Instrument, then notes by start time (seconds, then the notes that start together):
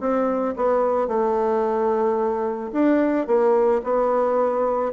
bassoon
0.00 C4
0.56 B3
1.07 A3
2.72 D4
3.27 A#3
3.83 B3